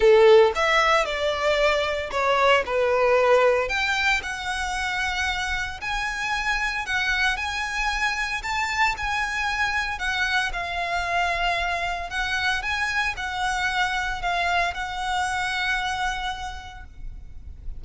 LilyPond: \new Staff \with { instrumentName = "violin" } { \time 4/4 \tempo 4 = 114 a'4 e''4 d''2 | cis''4 b'2 g''4 | fis''2. gis''4~ | gis''4 fis''4 gis''2 |
a''4 gis''2 fis''4 | f''2. fis''4 | gis''4 fis''2 f''4 | fis''1 | }